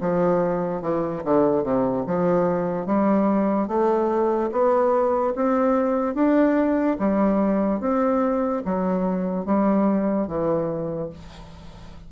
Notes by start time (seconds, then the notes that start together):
0.00 F3
0.82 E3
1.24 D3
1.63 C3
2.06 F3
2.86 G3
3.68 A3
4.51 B3
5.35 C4
6.14 D4
6.99 G3
7.80 C4
8.65 F#3
9.45 G3
10.27 E3